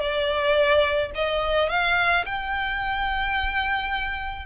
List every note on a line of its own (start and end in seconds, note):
0.00 1.11 D5
1.15 1.69 D#5
1.69 2.25 F5
2.26 4.46 G5